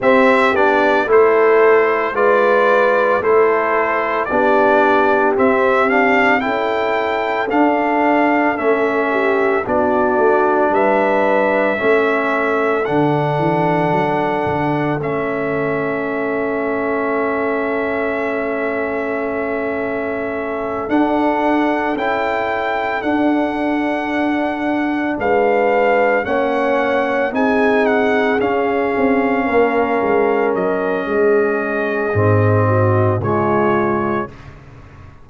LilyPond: <<
  \new Staff \with { instrumentName = "trumpet" } { \time 4/4 \tempo 4 = 56 e''8 d''8 c''4 d''4 c''4 | d''4 e''8 f''8 g''4 f''4 | e''4 d''4 e''2 | fis''2 e''2~ |
e''2.~ e''8 fis''8~ | fis''8 g''4 fis''2 f''8~ | f''8 fis''4 gis''8 fis''8 f''4.~ | f''8 dis''2~ dis''8 cis''4 | }
  \new Staff \with { instrumentName = "horn" } { \time 4/4 g'4 a'4 b'4 a'4 | g'2 a'2~ | a'8 g'8 fis'4 b'4 a'4~ | a'1~ |
a'1~ | a'2.~ a'8 b'8~ | b'8 cis''4 gis'2 ais'8~ | ais'4 gis'4. fis'8 f'4 | }
  \new Staff \with { instrumentName = "trombone" } { \time 4/4 c'8 d'8 e'4 f'4 e'4 | d'4 c'8 d'8 e'4 d'4 | cis'4 d'2 cis'4 | d'2 cis'2~ |
cis'2.~ cis'8 d'8~ | d'8 e'4 d'2~ d'8~ | d'8 cis'4 dis'4 cis'4.~ | cis'2 c'4 gis4 | }
  \new Staff \with { instrumentName = "tuba" } { \time 4/4 c'8 b8 a4 gis4 a4 | b4 c'4 cis'4 d'4 | a4 b8 a8 g4 a4 | d8 e8 fis8 d8 a2~ |
a2.~ a8 d'8~ | d'8 cis'4 d'2 gis8~ | gis8 ais4 c'4 cis'8 c'8 ais8 | gis8 fis8 gis4 gis,4 cis4 | }
>>